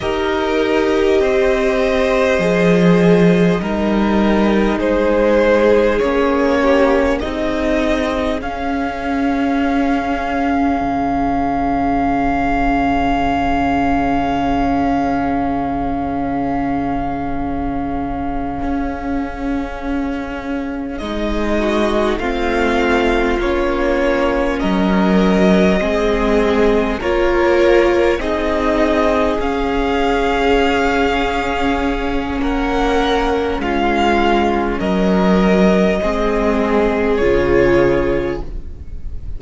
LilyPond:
<<
  \new Staff \with { instrumentName = "violin" } { \time 4/4 \tempo 4 = 50 dis''1 | c''4 cis''4 dis''4 f''4~ | f''1~ | f''1~ |
f''4. dis''4 f''4 cis''8~ | cis''8 dis''2 cis''4 dis''8~ | dis''8 f''2~ f''8 fis''4 | f''4 dis''2 cis''4 | }
  \new Staff \with { instrumentName = "violin" } { \time 4/4 ais'4 c''2 ais'4 | gis'4. g'8 gis'2~ | gis'1~ | gis'1~ |
gis'2 fis'8 f'4.~ | f'8 ais'4 gis'4 ais'4 gis'8~ | gis'2. ais'4 | f'4 ais'4 gis'2 | }
  \new Staff \with { instrumentName = "viola" } { \time 4/4 g'2 gis'4 dis'4~ | dis'4 cis'4 dis'4 cis'4~ | cis'1~ | cis'1~ |
cis'4. dis'4 c'4 cis'8~ | cis'4. c'4 f'4 dis'8~ | dis'8 cis'2.~ cis'8~ | cis'2 c'4 f'4 | }
  \new Staff \with { instrumentName = "cello" } { \time 4/4 dis'4 c'4 f4 g4 | gis4 ais4 c'4 cis'4~ | cis'4 cis2.~ | cis2.~ cis8 cis'8~ |
cis'4. gis4 a4 ais8~ | ais8 fis4 gis4 ais4 c'8~ | c'8 cis'2~ cis'8 ais4 | gis4 fis4 gis4 cis4 | }
>>